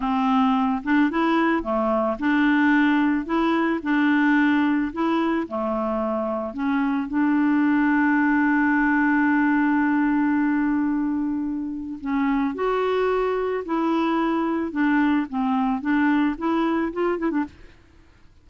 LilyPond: \new Staff \with { instrumentName = "clarinet" } { \time 4/4 \tempo 4 = 110 c'4. d'8 e'4 a4 | d'2 e'4 d'4~ | d'4 e'4 a2 | cis'4 d'2.~ |
d'1~ | d'2 cis'4 fis'4~ | fis'4 e'2 d'4 | c'4 d'4 e'4 f'8 e'16 d'16 | }